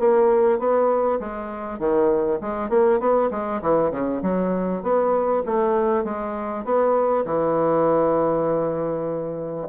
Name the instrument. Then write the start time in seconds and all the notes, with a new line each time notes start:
bassoon
0.00 A#3
0.59 B3
1.20 G#3
1.79 D#3
2.41 G#3
2.70 A#3
3.00 B3
3.31 G#3
3.62 E3
3.91 C#3
4.23 F#3
4.83 B3
5.46 A3
6.04 G#3
6.65 B3
7.26 E3